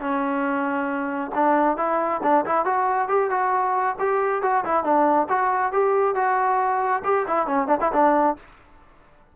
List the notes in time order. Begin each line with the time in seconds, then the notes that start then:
0.00 C#4
1.35 D4
1.77 E4
2.23 D4
2.45 E4
2.65 F#4
3.08 G4
3.30 F#4
3.99 G4
4.42 F#4
4.65 E4
4.84 D4
5.29 F#4
5.72 G4
6.15 F#4
7.04 G4
7.27 E4
7.47 C#4
7.67 D4
7.81 E4
7.92 D4